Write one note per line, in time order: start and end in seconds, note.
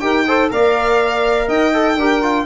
0.00 0.51 D#4
0.00 0.26 G4
0.00 0.27 A#4
0.00 0.49 G5
0.27 0.50 A4
0.27 0.51 C5
0.50 1.48 A#3
0.50 1.72 A#4
0.50 1.47 D5
0.50 1.49 F5
1.47 1.96 D#4
1.47 1.95 D#5
1.47 2.46 G5
1.74 1.98 A4
1.96 2.45 D4
1.96 2.22 G4
1.96 2.45 A#4
2.22 2.46 F4